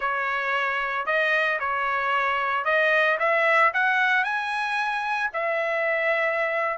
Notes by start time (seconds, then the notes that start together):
0.00 C#5
1.06 D#5
1.59 C#5
2.64 D#5
3.19 E5
3.73 F#5
4.24 G#5
5.33 E5